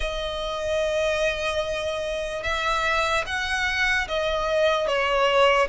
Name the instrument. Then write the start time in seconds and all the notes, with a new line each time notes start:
violin
0.00 D#5
2.43 E5
3.26 F#5
4.08 D#5
4.86 C#5